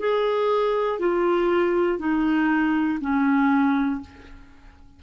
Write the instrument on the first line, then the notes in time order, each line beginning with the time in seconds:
clarinet
0.00 G#4
1.00 F4
2.00 D#4
3.01 C#4